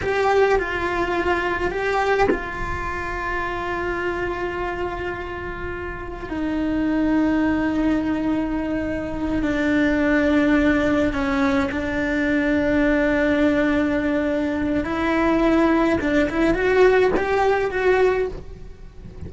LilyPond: \new Staff \with { instrumentName = "cello" } { \time 4/4 \tempo 4 = 105 g'4 f'2 g'4 | f'1~ | f'2. dis'4~ | dis'1~ |
dis'8 d'2. cis'8~ | cis'8 d'2.~ d'8~ | d'2 e'2 | d'8 e'8 fis'4 g'4 fis'4 | }